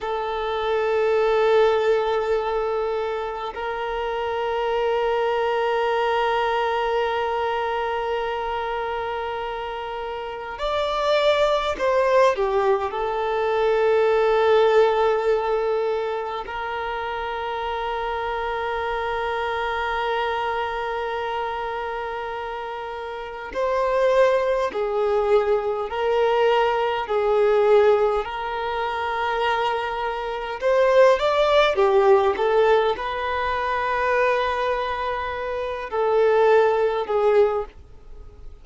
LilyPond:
\new Staff \with { instrumentName = "violin" } { \time 4/4 \tempo 4 = 51 a'2. ais'4~ | ais'1~ | ais'4 d''4 c''8 g'8 a'4~ | a'2 ais'2~ |
ais'1 | c''4 gis'4 ais'4 gis'4 | ais'2 c''8 d''8 g'8 a'8 | b'2~ b'8 a'4 gis'8 | }